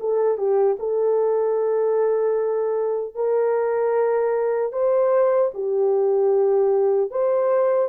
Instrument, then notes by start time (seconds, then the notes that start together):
horn
0.00 A4
0.37 G4
0.79 A4
3.15 A#4
4.72 C5
5.54 G4
7.11 C5